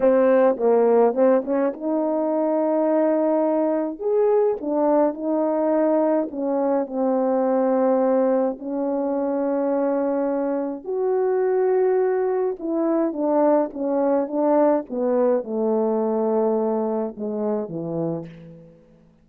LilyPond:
\new Staff \with { instrumentName = "horn" } { \time 4/4 \tempo 4 = 105 c'4 ais4 c'8 cis'8 dis'4~ | dis'2. gis'4 | d'4 dis'2 cis'4 | c'2. cis'4~ |
cis'2. fis'4~ | fis'2 e'4 d'4 | cis'4 d'4 b4 a4~ | a2 gis4 e4 | }